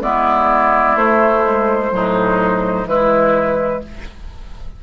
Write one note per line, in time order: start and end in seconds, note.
0.00 0.95 G#3
0.00 0.96 B3
0.00 1.92 E4
0.00 0.96 D5
0.95 1.91 A3
0.95 1.43 A3
0.95 2.87 C5
1.43 1.91 G#3
1.91 2.85 A2
1.91 2.86 F#3
1.91 2.88 D#4
2.85 3.80 E3
2.85 3.82 G#3
2.85 3.83 E4
2.85 3.83 B4